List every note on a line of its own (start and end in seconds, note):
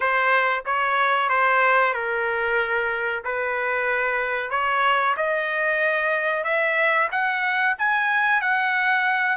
0.00 0.63 C5
0.65 1.29 C#5
1.29 1.93 C5
1.93 3.22 A#4
3.24 4.50 B4
4.50 5.15 C#5
5.16 6.44 D#5
6.44 7.08 E5
7.11 7.76 F#5
7.78 8.41 G#5
8.41 9.36 F#5